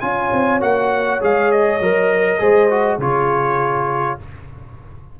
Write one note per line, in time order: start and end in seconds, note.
0.00 0.31 C#4
0.00 0.60 F4
0.00 2.40 C#5
0.00 0.59 G#5
0.32 0.61 C4
0.60 1.21 A#3
0.60 1.19 F#4
0.60 1.21 F#5
1.20 1.80 G#3
1.20 1.79 G#4
1.20 1.51 F5
1.51 3.00 D#5
1.80 2.39 F#3
1.80 2.38 A#4
2.38 2.98 G#3
2.38 2.68 G#4
2.38 2.99 C5
2.70 3.00 F#4
2.98 4.16 C#3
2.98 4.19 F4
2.98 4.19 G#4
2.98 4.19 C#5